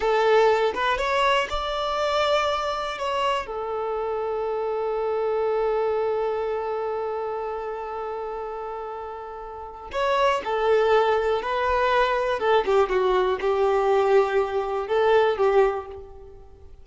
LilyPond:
\new Staff \with { instrumentName = "violin" } { \time 4/4 \tempo 4 = 121 a'4. b'8 cis''4 d''4~ | d''2 cis''4 a'4~ | a'1~ | a'1~ |
a'1 | cis''4 a'2 b'4~ | b'4 a'8 g'8 fis'4 g'4~ | g'2 a'4 g'4 | }